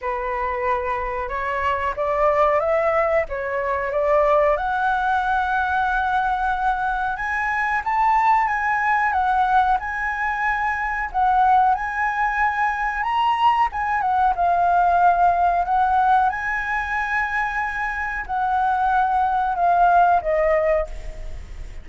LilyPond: \new Staff \with { instrumentName = "flute" } { \time 4/4 \tempo 4 = 92 b'2 cis''4 d''4 | e''4 cis''4 d''4 fis''4~ | fis''2. gis''4 | a''4 gis''4 fis''4 gis''4~ |
gis''4 fis''4 gis''2 | ais''4 gis''8 fis''8 f''2 | fis''4 gis''2. | fis''2 f''4 dis''4 | }